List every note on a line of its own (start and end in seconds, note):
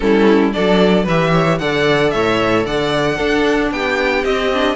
0.00 0.54 G3
0.00 0.52 C#4
0.00 0.54 E4
0.00 0.51 A4
0.52 1.06 F#3
0.52 1.05 D4
0.52 1.03 A4
0.52 1.06 D5
1.03 1.59 E3
1.03 1.60 G4
1.03 1.30 B4
1.03 1.58 E5
1.32 1.59 C#5
1.58 2.13 D3
1.58 3.18 A4
1.58 2.13 D5
1.58 2.10 F#5
2.10 2.66 A2
2.10 2.66 C#5
2.10 2.63 E5
2.66 3.18 D3
2.66 3.16 D5
2.66 3.72 F#5
3.16 3.71 D4
3.16 4.24 D4
3.16 3.69 A4
3.71 4.24 B3
3.71 4.76 G4
3.71 4.24 G5
4.24 4.76 C4
4.24 4.52 C4
4.24 4.76 D#5
4.52 4.76 D4